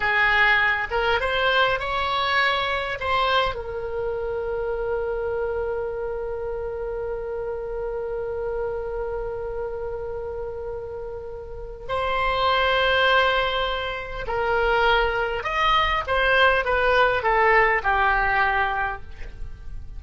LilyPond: \new Staff \with { instrumentName = "oboe" } { \time 4/4 \tempo 4 = 101 gis'4. ais'8 c''4 cis''4~ | cis''4 c''4 ais'2~ | ais'1~ | ais'1~ |
ais'1 | c''1 | ais'2 dis''4 c''4 | b'4 a'4 g'2 | }